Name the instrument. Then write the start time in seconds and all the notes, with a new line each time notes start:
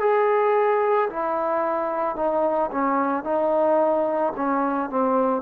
trombone
0.00 G#4
1.10 E4
2.16 D#4
2.72 C#4
3.24 D#4
4.36 C#4
4.90 C4